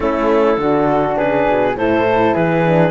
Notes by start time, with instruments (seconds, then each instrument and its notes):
0.00 cello A3, horn C#4, flute E4, clarinet A4
0.57 cello D3, horn D4, flute F#4
1.16 cello C#3, flute G#4, clarinet B4
1.47 cello B2
1.75 cello A2, horn E4, flute A4, clarinet C5
2.34 cello E3, flute G#4, clarinet B4
2.65 horn D4